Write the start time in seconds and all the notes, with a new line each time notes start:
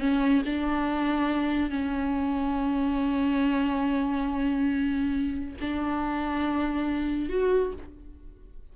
0.00 C#4
0.46 D4
1.71 C#4
5.61 D4
7.30 F#4